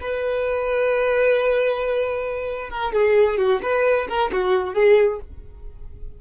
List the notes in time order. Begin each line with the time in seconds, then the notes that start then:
0.00 B4
2.70 A#4
2.93 G#4
3.37 F#4
3.62 B4
4.08 A#4
4.32 F#4
4.74 G#4